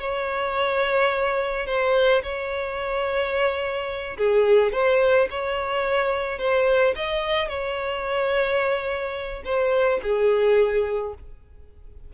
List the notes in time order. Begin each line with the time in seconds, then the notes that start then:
0.00 C#5
1.67 C5
2.23 C#5
4.18 G#4
4.73 C5
5.31 C#5
6.39 C5
6.96 D#5
7.48 C#5
9.45 C5
10.03 G#4